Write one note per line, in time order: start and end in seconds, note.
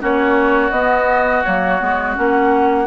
0.00 0.71 A#3
0.00 0.71 C#4
0.00 2.87 F#4
0.00 0.71 C#5
0.71 1.43 B3
0.71 1.44 B3
0.71 1.42 D#5
1.44 1.81 F#3
1.44 1.79 A#3
1.44 2.15 C#5
1.79 2.17 G#3
1.79 2.15 B3
2.15 2.87 A#3
2.15 2.87 C#4
2.15 2.87 F#5